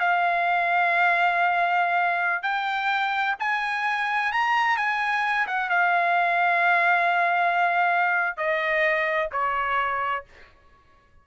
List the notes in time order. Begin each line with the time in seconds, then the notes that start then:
0.00 F5
2.43 G5
3.40 G#5
4.32 A#5
4.77 G#5
5.47 F#5
5.70 F5
8.37 D#5
9.32 C#5